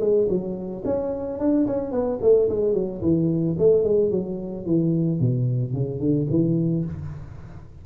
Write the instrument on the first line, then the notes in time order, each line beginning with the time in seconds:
tuba
0.00 G#3
0.28 F#3
0.84 C#4
1.39 D4
1.66 C#4
1.91 B3
2.21 A3
2.49 G#3
2.73 F#3
3.01 E3
3.58 A3
3.83 G#3
4.11 F#3
4.65 E3
5.20 B2
5.73 C#3
5.99 D3
6.30 E3